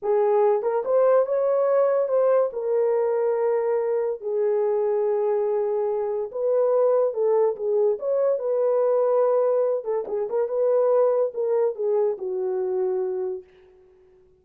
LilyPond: \new Staff \with { instrumentName = "horn" } { \time 4/4 \tempo 4 = 143 gis'4. ais'8 c''4 cis''4~ | cis''4 c''4 ais'2~ | ais'2 gis'2~ | gis'2. b'4~ |
b'4 a'4 gis'4 cis''4 | b'2.~ b'8 a'8 | gis'8 ais'8 b'2 ais'4 | gis'4 fis'2. | }